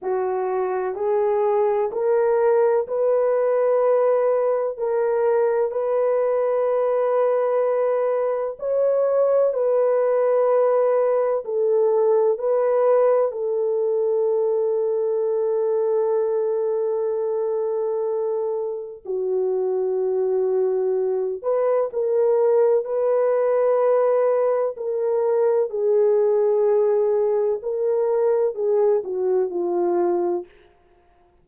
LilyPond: \new Staff \with { instrumentName = "horn" } { \time 4/4 \tempo 4 = 63 fis'4 gis'4 ais'4 b'4~ | b'4 ais'4 b'2~ | b'4 cis''4 b'2 | a'4 b'4 a'2~ |
a'1 | fis'2~ fis'8 b'8 ais'4 | b'2 ais'4 gis'4~ | gis'4 ais'4 gis'8 fis'8 f'4 | }